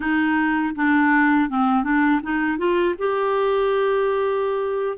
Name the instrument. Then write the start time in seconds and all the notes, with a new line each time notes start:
clarinet
0.00 D#4
0.75 D4
1.49 C4
1.83 D4
2.23 D#4
2.58 F4
2.98 G4